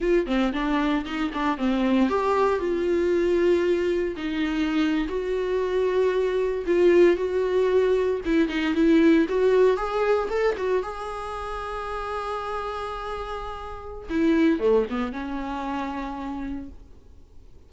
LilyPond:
\new Staff \with { instrumentName = "viola" } { \time 4/4 \tempo 4 = 115 f'8 c'8 d'4 dis'8 d'8 c'4 | g'4 f'2. | dis'4.~ dis'16 fis'2~ fis'16~ | fis'8. f'4 fis'2 e'16~ |
e'16 dis'8 e'4 fis'4 gis'4 a'16~ | a'16 fis'8 gis'2.~ gis'16~ | gis'2. e'4 | a8 b8 cis'2. | }